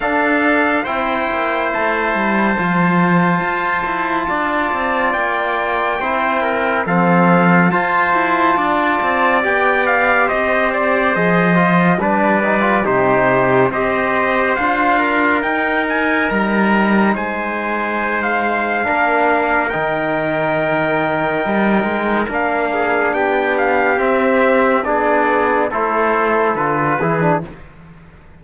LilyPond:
<<
  \new Staff \with { instrumentName = "trumpet" } { \time 4/4 \tempo 4 = 70 f''4 g''4 a''2~ | a''2 g''2 | f''4 a''2 g''8 f''8 | dis''8 d''8 dis''4 d''4 c''4 |
dis''4 f''4 g''8 gis''8 ais''4 | gis''4~ gis''16 f''4.~ f''16 g''4~ | g''2 f''4 g''8 f''8 | e''4 d''4 c''4 b'4 | }
  \new Staff \with { instrumentName = "trumpet" } { \time 4/4 a'4 c''2.~ | c''4 d''2 c''8 ais'8 | a'4 c''4 d''2 | c''2 b'4 g'4 |
c''4. ais'2~ ais'8 | c''2 ais'2~ | ais'2~ ais'8 gis'8 g'4~ | g'4 gis'4 a'4. gis'8 | }
  \new Staff \with { instrumentName = "trombone" } { \time 4/4 d'4 e'2 f'4~ | f'2. e'4 | c'4 f'2 g'4~ | g'4 gis'8 f'8 d'8 dis'16 f'16 dis'4 |
g'4 f'4 dis'2~ | dis'2 d'4 dis'4~ | dis'2 d'2 | c'4 d'4 e'4 f'8 e'16 d'16 | }
  \new Staff \with { instrumentName = "cello" } { \time 4/4 d'4 c'8 ais8 a8 g8 f4 | f'8 e'8 d'8 c'8 ais4 c'4 | f4 f'8 e'8 d'8 c'8 b4 | c'4 f4 g4 c4 |
c'4 d'4 dis'4 g4 | gis2 ais4 dis4~ | dis4 g8 gis8 ais4 b4 | c'4 b4 a4 d8 e8 | }
>>